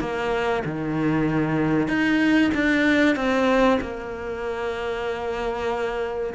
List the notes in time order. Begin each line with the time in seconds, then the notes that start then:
0.00 A#3
0.65 D#3
1.88 D#4
2.54 D4
3.16 C4
3.82 A#3